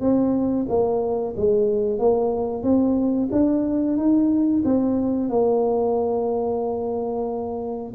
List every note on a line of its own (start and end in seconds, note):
0.00 0.66 C4
0.68 1.34 A#3
1.36 1.99 G#3
1.99 2.63 A#3
2.63 3.29 C4
3.31 3.97 D4
3.97 4.63 D#4
4.64 5.29 C4
5.29 7.93 A#3